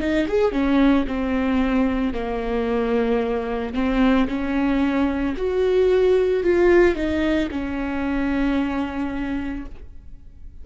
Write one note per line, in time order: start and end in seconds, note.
0.00 0.27 D#4
0.28 0.52 G#4
0.52 1.06 C#4
1.07 2.14 C4
2.14 3.74 A#3
3.74 4.28 C4
4.28 5.35 C#4
5.37 6.44 F#4
6.44 6.95 F4
6.95 7.49 D#4
7.51 9.66 C#4